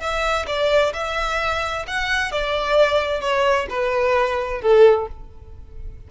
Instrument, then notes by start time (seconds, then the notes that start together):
violin
0.00 E5
0.47 D5
0.93 E5
1.87 F#5
2.32 D5
3.21 C#5
3.70 B4
4.62 A4